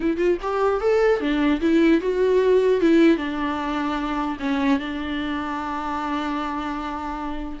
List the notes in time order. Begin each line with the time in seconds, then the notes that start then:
0.00 E4
0.17 F4
0.42 G4
0.81 A4
1.20 D4
1.60 E4
2.01 F#4
2.80 E4
3.17 D4
4.39 C#4
4.79 D4